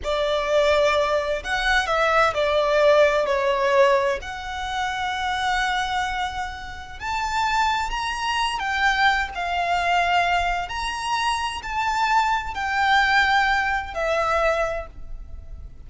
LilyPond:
\new Staff \with { instrumentName = "violin" } { \time 4/4 \tempo 4 = 129 d''2. fis''4 | e''4 d''2 cis''4~ | cis''4 fis''2.~ | fis''2. a''4~ |
a''4 ais''4. g''4. | f''2. ais''4~ | ais''4 a''2 g''4~ | g''2 e''2 | }